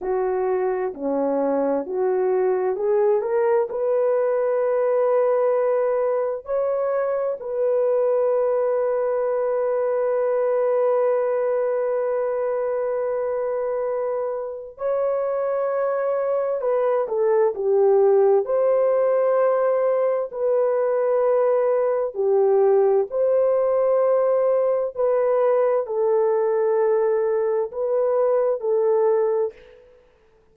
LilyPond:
\new Staff \with { instrumentName = "horn" } { \time 4/4 \tempo 4 = 65 fis'4 cis'4 fis'4 gis'8 ais'8 | b'2. cis''4 | b'1~ | b'1 |
cis''2 b'8 a'8 g'4 | c''2 b'2 | g'4 c''2 b'4 | a'2 b'4 a'4 | }